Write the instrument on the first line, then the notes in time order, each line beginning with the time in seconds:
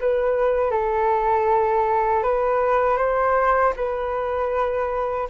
flute
0.00 B4
0.71 A4
2.23 B4
2.97 C5
3.76 B4